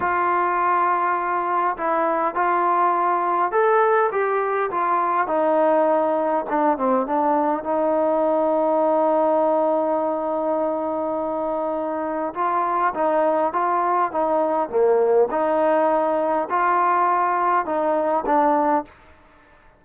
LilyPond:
\new Staff \with { instrumentName = "trombone" } { \time 4/4 \tempo 4 = 102 f'2. e'4 | f'2 a'4 g'4 | f'4 dis'2 d'8 c'8 | d'4 dis'2.~ |
dis'1~ | dis'4 f'4 dis'4 f'4 | dis'4 ais4 dis'2 | f'2 dis'4 d'4 | }